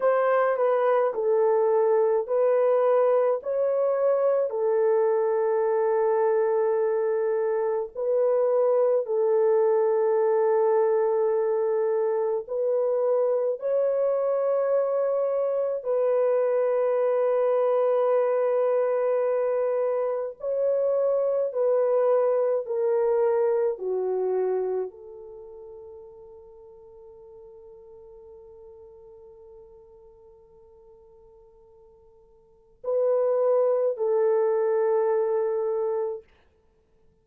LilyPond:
\new Staff \with { instrumentName = "horn" } { \time 4/4 \tempo 4 = 53 c''8 b'8 a'4 b'4 cis''4 | a'2. b'4 | a'2. b'4 | cis''2 b'2~ |
b'2 cis''4 b'4 | ais'4 fis'4 a'2~ | a'1~ | a'4 b'4 a'2 | }